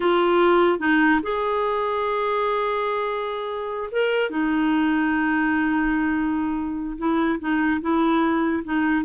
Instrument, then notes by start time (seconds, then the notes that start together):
clarinet
0.00 F4
0.79 D#4
1.22 G#4
3.91 A#4
4.29 D#4
6.98 E4
7.39 D#4
7.81 E4
8.64 D#4